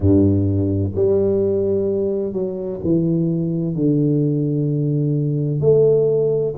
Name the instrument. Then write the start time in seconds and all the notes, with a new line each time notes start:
tuba
0.00 G2
0.95 G3
2.32 F#3
2.83 E3
3.75 D3
5.60 A3